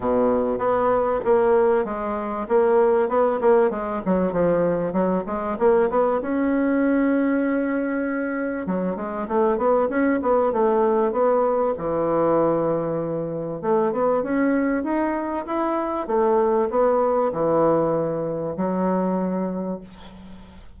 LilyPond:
\new Staff \with { instrumentName = "bassoon" } { \time 4/4 \tempo 4 = 97 b,4 b4 ais4 gis4 | ais4 b8 ais8 gis8 fis8 f4 | fis8 gis8 ais8 b8 cis'2~ | cis'2 fis8 gis8 a8 b8 |
cis'8 b8 a4 b4 e4~ | e2 a8 b8 cis'4 | dis'4 e'4 a4 b4 | e2 fis2 | }